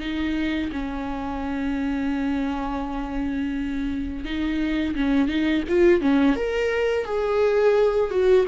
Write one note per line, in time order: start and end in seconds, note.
0.00 0.71 D#4
0.72 4.24 C#4
4.24 4.95 D#4
4.95 5.28 C#4
5.28 5.63 D#4
5.69 6.01 F4
6.01 6.36 C#4
6.36 7.05 A#4
7.05 8.11 G#4
8.11 8.46 F#4